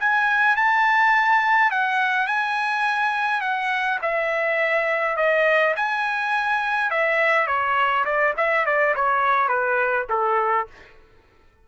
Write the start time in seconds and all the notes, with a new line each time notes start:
0.00 G#5
0.56 A5
1.71 F#5
2.27 G#5
3.41 F#5
4.02 E5
5.17 D#5
5.77 G#5
6.91 E5
7.47 C#5
8.05 D5
8.37 E5
8.66 D5
8.96 C#5
9.48 B4
10.10 A4